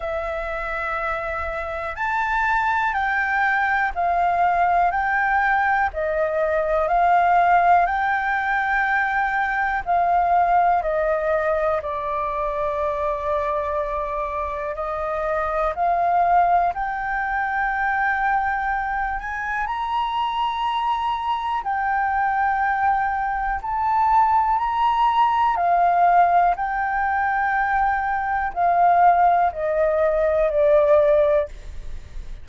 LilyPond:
\new Staff \with { instrumentName = "flute" } { \time 4/4 \tempo 4 = 61 e''2 a''4 g''4 | f''4 g''4 dis''4 f''4 | g''2 f''4 dis''4 | d''2. dis''4 |
f''4 g''2~ g''8 gis''8 | ais''2 g''2 | a''4 ais''4 f''4 g''4~ | g''4 f''4 dis''4 d''4 | }